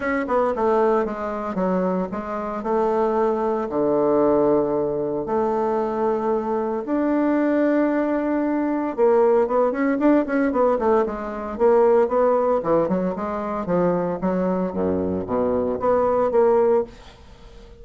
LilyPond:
\new Staff \with { instrumentName = "bassoon" } { \time 4/4 \tempo 4 = 114 cis'8 b8 a4 gis4 fis4 | gis4 a2 d4~ | d2 a2~ | a4 d'2.~ |
d'4 ais4 b8 cis'8 d'8 cis'8 | b8 a8 gis4 ais4 b4 | e8 fis8 gis4 f4 fis4 | fis,4 b,4 b4 ais4 | }